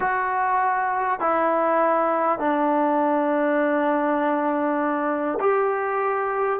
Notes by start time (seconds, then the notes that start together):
0.00 F#4
1.19 E4
2.38 D4
5.40 G4